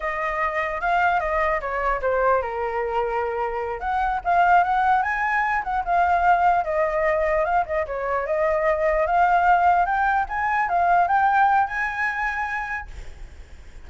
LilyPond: \new Staff \with { instrumentName = "flute" } { \time 4/4 \tempo 4 = 149 dis''2 f''4 dis''4 | cis''4 c''4 ais'2~ | ais'4. fis''4 f''4 fis''8~ | fis''8 gis''4. fis''8 f''4.~ |
f''8 dis''2 f''8 dis''8 cis''8~ | cis''8 dis''2 f''4.~ | f''8 g''4 gis''4 f''4 g''8~ | g''4 gis''2. | }